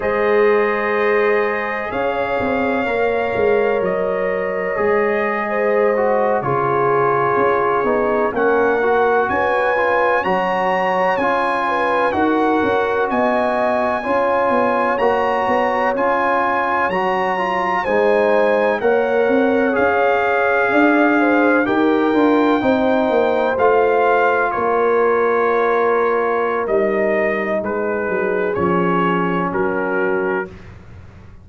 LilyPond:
<<
  \new Staff \with { instrumentName = "trumpet" } { \time 4/4 \tempo 4 = 63 dis''2 f''2 | dis''2~ dis''8. cis''4~ cis''16~ | cis''8. fis''4 gis''4 ais''4 gis''16~ | gis''8. fis''4 gis''2 ais''16~ |
ais''8. gis''4 ais''4 gis''4 fis''16~ | fis''8. f''2 g''4~ g''16~ | g''8. f''4 cis''2~ cis''16 | dis''4 b'4 cis''4 ais'4 | }
  \new Staff \with { instrumentName = "horn" } { \time 4/4 c''2 cis''2~ | cis''4.~ cis''16 c''4 gis'4~ gis'16~ | gis'8. ais'4 b'4 cis''4~ cis''16~ | cis''16 b'8 ais'4 dis''4 cis''4~ cis''16~ |
cis''2~ cis''8. c''4 cis''16~ | cis''4.~ cis''16 d''8 c''8 ais'4 c''16~ | c''4.~ c''16 ais'2~ ais'16~ | ais'4 gis'2 fis'4 | }
  \new Staff \with { instrumentName = "trombone" } { \time 4/4 gis'2. ais'4~ | ais'4 gis'4~ gis'16 fis'8 f'4~ f'16~ | f'16 dis'8 cis'8 fis'4 f'8 fis'4 f'16~ | f'8. fis'2 f'4 fis'16~ |
fis'8. f'4 fis'8 f'8 dis'4 ais'16~ | ais'8. gis'2 g'8 f'8 dis'16~ | dis'8. f'2.~ f'16 | dis'2 cis'2 | }
  \new Staff \with { instrumentName = "tuba" } { \time 4/4 gis2 cis'8 c'8 ais8 gis8 | fis4 gis4.~ gis16 cis4 cis'16~ | cis'16 b8 ais4 cis'4 fis4 cis'16~ | cis'8. dis'8 cis'8 b4 cis'8 b8 ais16~ |
ais16 b8 cis'4 fis4 gis4 ais16~ | ais16 c'8 cis'4 d'4 dis'8 d'8 c'16~ | c'16 ais8 a4 ais2~ ais16 | g4 gis8 fis8 f4 fis4 | }
>>